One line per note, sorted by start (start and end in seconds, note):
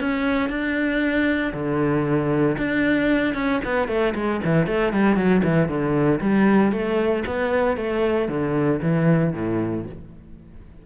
0.00 0.49 C#4
0.49 1.53 D4
1.53 2.57 D3
2.57 3.34 D4
3.34 3.60 C#4
3.64 3.88 B3
3.88 4.14 A3
4.15 4.41 G#3
4.44 4.67 E3
4.67 4.93 A3
4.93 5.16 G3
5.16 5.42 F#3
5.44 5.68 E3
5.68 6.20 D3
6.21 6.72 G3
6.72 7.23 A3
7.26 7.77 B3
7.77 8.28 A3
8.28 8.80 D3
8.82 9.33 E3
9.34 9.85 A2